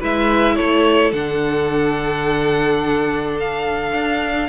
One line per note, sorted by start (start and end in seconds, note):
0.00 0.59 G#3
0.00 1.13 E4
0.00 0.56 B4
0.00 0.56 E5
0.56 1.13 A3
0.56 4.49 A4
0.56 1.12 C#5
1.13 3.93 D3
1.13 4.49 D4
1.13 3.37 F#5
3.40 4.49 F5
3.93 4.49 D4